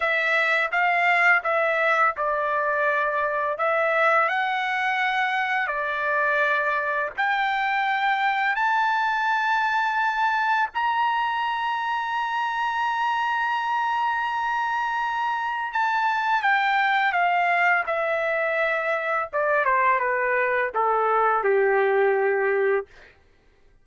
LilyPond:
\new Staff \with { instrumentName = "trumpet" } { \time 4/4 \tempo 4 = 84 e''4 f''4 e''4 d''4~ | d''4 e''4 fis''2 | d''2 g''2 | a''2. ais''4~ |
ais''1~ | ais''2 a''4 g''4 | f''4 e''2 d''8 c''8 | b'4 a'4 g'2 | }